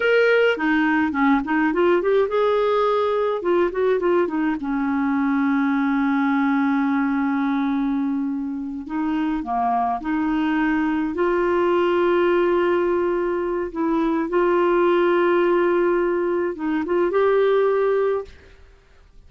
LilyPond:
\new Staff \with { instrumentName = "clarinet" } { \time 4/4 \tempo 4 = 105 ais'4 dis'4 cis'8 dis'8 f'8 g'8 | gis'2 f'8 fis'8 f'8 dis'8 | cis'1~ | cis'2.~ cis'8 dis'8~ |
dis'8 ais4 dis'2 f'8~ | f'1 | e'4 f'2.~ | f'4 dis'8 f'8 g'2 | }